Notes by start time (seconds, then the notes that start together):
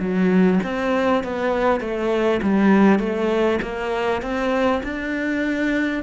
0.00 F#3
0.64 C4
1.24 B3
1.81 A3
2.43 G3
2.99 A3
3.63 A#3
4.23 C4
4.84 D4